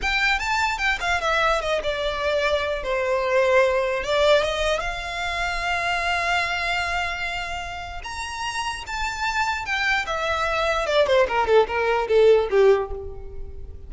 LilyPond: \new Staff \with { instrumentName = "violin" } { \time 4/4 \tempo 4 = 149 g''4 a''4 g''8 f''8 e''4 | dis''8 d''2~ d''8 c''4~ | c''2 d''4 dis''4 | f''1~ |
f''1 | ais''2 a''2 | g''4 e''2 d''8 c''8 | ais'8 a'8 ais'4 a'4 g'4 | }